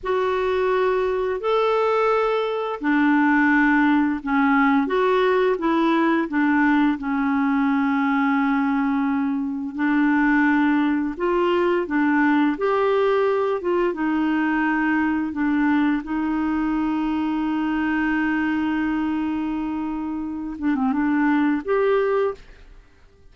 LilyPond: \new Staff \with { instrumentName = "clarinet" } { \time 4/4 \tempo 4 = 86 fis'2 a'2 | d'2 cis'4 fis'4 | e'4 d'4 cis'2~ | cis'2 d'2 |
f'4 d'4 g'4. f'8 | dis'2 d'4 dis'4~ | dis'1~ | dis'4. d'16 c'16 d'4 g'4 | }